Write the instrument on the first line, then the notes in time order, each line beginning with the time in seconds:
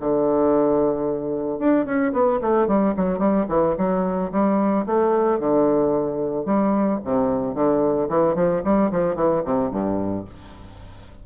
bassoon
0.00 D3
1.59 D4
1.85 C#4
2.12 B3
2.41 A3
2.67 G3
2.97 F#3
3.18 G3
3.49 E3
3.77 F#3
4.32 G3
4.86 A3
5.39 D3
6.45 G3
7.04 C3
7.54 D3
8.09 E3
8.35 F3
8.64 G3
8.91 F3
9.15 E3
9.45 C3
9.71 G2